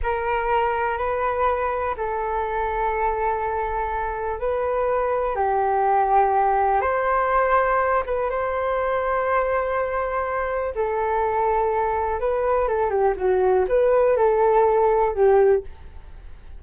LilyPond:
\new Staff \with { instrumentName = "flute" } { \time 4/4 \tempo 4 = 123 ais'2 b'2 | a'1~ | a'4 b'2 g'4~ | g'2 c''2~ |
c''8 b'8 c''2.~ | c''2 a'2~ | a'4 b'4 a'8 g'8 fis'4 | b'4 a'2 g'4 | }